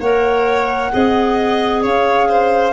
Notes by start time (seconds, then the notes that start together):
0.00 A#3 A#4 C#5 F#5
0.92 C4 G#4 D#5
1.82 C#4 C#5 F5
2.28 C5